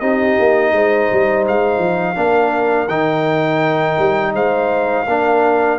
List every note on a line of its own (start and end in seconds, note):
0.00 0.37 C4
0.00 2.16 D#4
0.00 0.73 G4
0.00 1.45 D#5
0.39 0.73 A#3
0.73 1.09 G#3
0.73 2.19 C5
1.12 1.48 G3
1.48 1.78 G#3
1.48 2.88 F5
1.78 2.15 F3
2.16 2.88 A#3
2.16 2.88 D4
2.16 4.34 A#4
2.88 3.97 D#3
2.88 5.07 D#4
2.88 4.33 G5
3.99 4.34 G3
4.34 5.06 G#3
4.34 5.06 C5
4.34 5.79 F5
5.07 5.79 A#3
5.07 5.79 D4
5.07 5.79 A#4